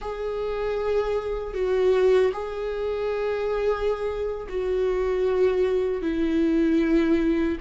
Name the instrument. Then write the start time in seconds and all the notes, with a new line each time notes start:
viola
0.01 G#4
1.54 F#4
2.32 G#4
4.48 F#4
6.02 E4